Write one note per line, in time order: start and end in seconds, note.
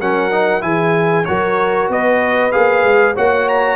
0.00 0.62 F#3
0.00 0.31 C#4
0.00 0.63 A#4
0.00 0.62 F#5
0.31 0.61 D#4
0.61 1.26 E3
0.61 1.24 E4
0.61 1.27 G#4
0.61 1.25 G#5
1.25 1.89 F#3
1.25 2.51 F#4
1.25 1.90 A#4
1.25 1.88 C#5
1.89 2.52 B3
1.89 3.14 B4
1.89 2.51 D#5
2.51 2.84 A#3
2.51 3.14 G#4
2.51 3.14 F5
2.84 3.16 G#3
3.14 3.76 A#3
3.14 3.76 F#4
3.14 3.76 C#5
3.14 3.48 F#5
3.48 3.76 A#5